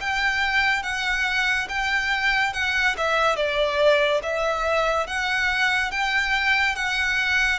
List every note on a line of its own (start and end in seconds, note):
0.00 0.83 G5
0.83 1.67 F#5
1.69 2.53 G5
2.53 2.95 F#5
2.97 3.36 E5
3.36 4.21 D5
4.23 5.07 E5
5.07 5.91 F#5
5.91 6.75 G5
6.76 7.59 F#5